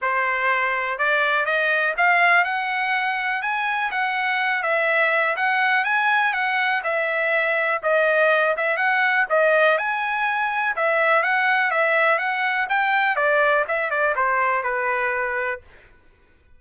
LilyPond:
\new Staff \with { instrumentName = "trumpet" } { \time 4/4 \tempo 4 = 123 c''2 d''4 dis''4 | f''4 fis''2 gis''4 | fis''4. e''4. fis''4 | gis''4 fis''4 e''2 |
dis''4. e''8 fis''4 dis''4 | gis''2 e''4 fis''4 | e''4 fis''4 g''4 d''4 | e''8 d''8 c''4 b'2 | }